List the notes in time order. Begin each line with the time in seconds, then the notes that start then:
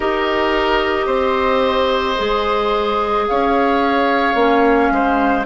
0.00 D#4 G4 A#4 D#5
1.06 C4 C5
2.17 G#3 G#4
3.27 C#4 C#5 F5
4.34 A#3 C#4
4.91 G#3 C5